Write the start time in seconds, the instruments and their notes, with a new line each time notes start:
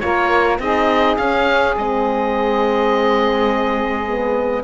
0.00 cello A#3, horn F4, saxophone A#4, oboe C#5
0.59 cello C4, horn D#4, saxophone G#4, oboe D#5
1.17 cello C#4, horn C#4, oboe F5
1.77 cello G#3, horn C4, oboe D#5
4.07 horn B3